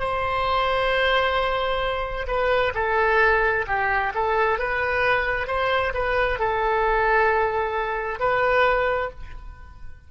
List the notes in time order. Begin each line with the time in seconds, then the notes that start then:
0.00 C5
2.28 B4
2.75 A4
3.68 G4
4.15 A4
4.60 B4
5.48 C5
5.94 B4
6.40 A4
8.20 B4